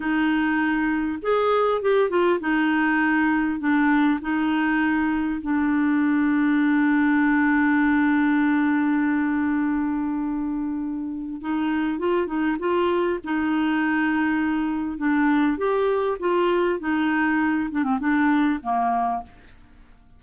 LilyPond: \new Staff \with { instrumentName = "clarinet" } { \time 4/4 \tempo 4 = 100 dis'2 gis'4 g'8 f'8 | dis'2 d'4 dis'4~ | dis'4 d'2.~ | d'1~ |
d'2. dis'4 | f'8 dis'8 f'4 dis'2~ | dis'4 d'4 g'4 f'4 | dis'4. d'16 c'16 d'4 ais4 | }